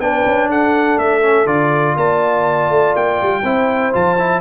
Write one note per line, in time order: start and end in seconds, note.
0.00 0.25 B3
0.00 1.22 D4
0.00 0.50 B4
0.00 0.50 G5
0.26 0.49 C#4
0.49 0.98 D4
0.49 1.97 A4
0.49 0.99 F#5
0.99 1.47 A3
0.99 1.47 E5
1.22 1.47 C#4
1.47 1.96 D3
1.47 3.43 F4
1.47 1.97 D5
1.97 2.70 A#3
1.97 3.44 D5
1.97 2.96 A5
2.70 2.94 A3
2.96 3.20 A#3
2.96 3.94 G5
3.22 3.44 G3
3.44 3.93 C4
3.44 3.93 E4
3.44 4.41 C5
3.93 4.41 F3
3.93 4.18 F4
3.93 4.41 A5
4.19 4.41 E4